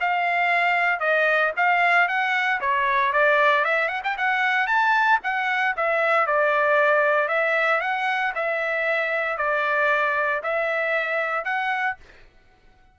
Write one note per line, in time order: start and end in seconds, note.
0.00 1.00 F5
1.00 1.52 D#5
1.56 2.08 F5
2.08 2.60 F#5
2.60 3.12 C#5
3.12 3.64 D5
3.64 3.88 E5
3.88 4.01 F#5
4.03 4.16 G5
4.17 4.67 F#5
4.67 5.19 A5
5.23 5.75 F#5
5.76 6.26 E5
6.26 7.28 D5
7.28 7.80 E5
7.80 8.32 F#5
8.35 9.37 E5
9.37 10.41 D5
10.43 11.44 E5
11.44 11.96 F#5